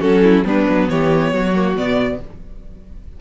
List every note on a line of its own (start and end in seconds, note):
0.00 0.44 F#3
0.00 0.45 C#4
0.00 0.22 F#4
0.00 0.45 A4
0.23 0.45 E4
0.44 0.66 G3
0.44 1.54 B3
0.44 0.89 D4
0.44 0.89 B4
0.69 0.89 F#3
0.89 1.32 E3
0.89 1.33 G4
0.89 1.76 C#5
1.32 1.76 F#3
1.32 2.20 F#4
1.55 1.77 A#3
1.76 2.19 B2
1.76 2.20 B3
1.76 2.21 D5